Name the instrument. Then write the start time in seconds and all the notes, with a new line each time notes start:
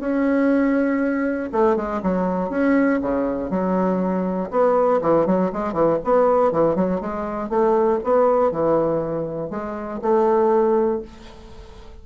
bassoon
0.00 C#4
1.52 A3
1.77 G#3
2.03 F#3
2.50 C#4
3.02 C#3
3.50 F#3
4.51 B3
5.02 E3
5.27 F#3
5.53 G#3
5.73 E3
6.04 B3
6.52 E3
6.76 F#3
7.01 G#3
7.50 A3
8.04 B3
8.52 E3
9.51 G#3
10.02 A3